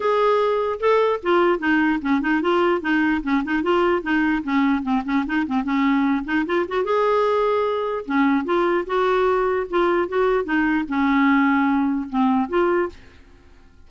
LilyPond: \new Staff \with { instrumentName = "clarinet" } { \time 4/4 \tempo 4 = 149 gis'2 a'4 f'4 | dis'4 cis'8 dis'8 f'4 dis'4 | cis'8 dis'8 f'4 dis'4 cis'4 | c'8 cis'8 dis'8 c'8 cis'4. dis'8 |
f'8 fis'8 gis'2. | cis'4 f'4 fis'2 | f'4 fis'4 dis'4 cis'4~ | cis'2 c'4 f'4 | }